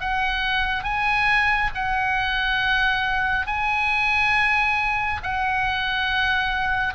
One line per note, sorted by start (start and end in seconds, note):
0.00 0.83 F#5
0.83 1.70 G#5
1.74 3.46 F#5
3.46 5.20 G#5
5.23 6.94 F#5